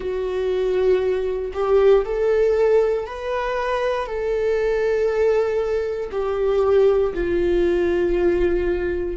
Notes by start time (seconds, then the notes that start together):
0.00 F#4
1.53 G4
2.04 A4
3.06 B4
4.06 A4
6.11 G4
7.14 F4